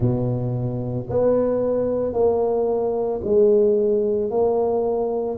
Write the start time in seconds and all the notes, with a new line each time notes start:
0.00 B2
1.09 B3
2.13 A#3
3.24 G#3
4.30 A#3